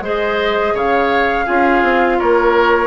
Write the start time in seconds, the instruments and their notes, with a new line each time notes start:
0.00 bassoon G#3, clarinet G#4, oboe C5, flute D#5
0.74 bassoon C#3, oboe C#5, flute F5
1.45 bassoon C#4, clarinet F4, oboe G#4
1.82 bassoon C4
2.19 bassoon A#3, oboe A#4, flute C#5